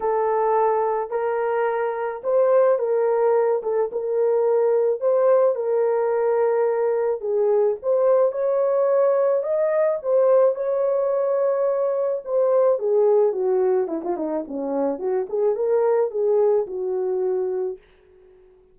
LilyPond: \new Staff \with { instrumentName = "horn" } { \time 4/4 \tempo 4 = 108 a'2 ais'2 | c''4 ais'4. a'8 ais'4~ | ais'4 c''4 ais'2~ | ais'4 gis'4 c''4 cis''4~ |
cis''4 dis''4 c''4 cis''4~ | cis''2 c''4 gis'4 | fis'4 e'16 f'16 dis'8 cis'4 fis'8 gis'8 | ais'4 gis'4 fis'2 | }